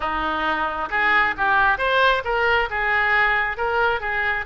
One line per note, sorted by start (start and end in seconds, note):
0.00 0.89 D#4
0.90 1.35 G#4
1.37 1.78 G4
1.78 2.22 C5
2.24 2.69 A#4
2.70 3.57 G#4
3.57 4.00 A#4
4.00 4.45 G#4